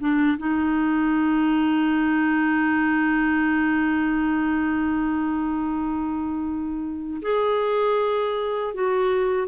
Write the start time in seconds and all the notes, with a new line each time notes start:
0.00 D4
0.38 D#4
7.22 G#4
8.74 F#4